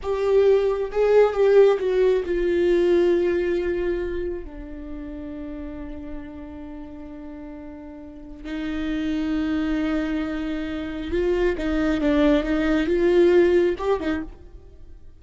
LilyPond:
\new Staff \with { instrumentName = "viola" } { \time 4/4 \tempo 4 = 135 g'2 gis'4 g'4 | fis'4 f'2.~ | f'2 d'2~ | d'1~ |
d'2. dis'4~ | dis'1~ | dis'4 f'4 dis'4 d'4 | dis'4 f'2 g'8 dis'8 | }